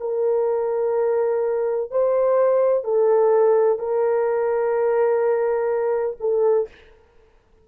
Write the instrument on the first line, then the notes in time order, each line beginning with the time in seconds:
horn
0.00 A#4
1.90 C5
2.84 A4
3.78 A#4
6.20 A4